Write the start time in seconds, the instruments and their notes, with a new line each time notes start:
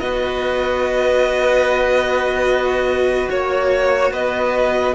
0.00 cello B3 F#4, violin B4 D#5
3.30 cello A#3, violin C#5
4.12 cello B3, violin B4 D#5